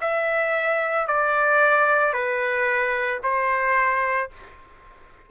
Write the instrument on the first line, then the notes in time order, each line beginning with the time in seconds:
trumpet
0.00 E5
1.07 D5
2.13 B4
3.23 C5